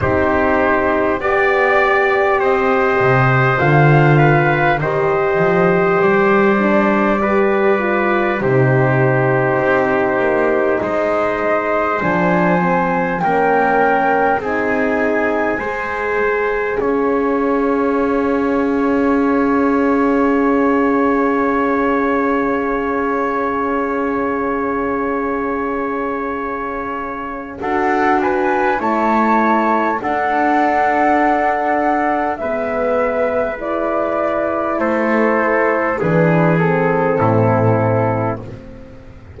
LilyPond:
<<
  \new Staff \with { instrumentName = "flute" } { \time 4/4 \tempo 4 = 50 c''4 d''4 dis''4 f''4 | dis''4 d''2 c''4~ | c''4 dis''4 gis''4 g''4 | gis''2 f''2~ |
f''1~ | f''2. fis''8 gis''8 | a''4 fis''2 e''4 | d''4 c''4 b'8 a'4. | }
  \new Staff \with { instrumentName = "trumpet" } { \time 4/4 g'4 d''4 c''4. b'8 | c''2 b'4 g'4~ | g'4 c''2 ais'4 | gis'4 c''4 cis''2~ |
cis''1~ | cis''2. a'8 b'8 | cis''4 a'2 b'4~ | b'4 a'4 gis'4 e'4 | }
  \new Staff \with { instrumentName = "horn" } { \time 4/4 dis'4 g'2 f'4 | g'4. d'8 g'8 f'8 dis'4~ | dis'2 d'8 c'8 cis'4 | dis'4 gis'2.~ |
gis'1~ | gis'2. fis'4 | e'4 d'2 b4 | e'2 d'8 c'4. | }
  \new Staff \with { instrumentName = "double bass" } { \time 4/4 c'4 b4 c'8 c8 d4 | dis8 f8 g2 c4 | c'8 ais8 gis4 f4 ais4 | c'4 gis4 cis'2~ |
cis'1~ | cis'2. d'4 | a4 d'2 gis4~ | gis4 a4 e4 a,4 | }
>>